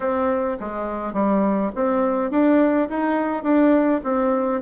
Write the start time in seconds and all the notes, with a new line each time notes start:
0.00 C4
0.60 G#3
1.13 G3
1.75 C4
2.30 D4
2.89 D#4
3.43 D4
4.03 C4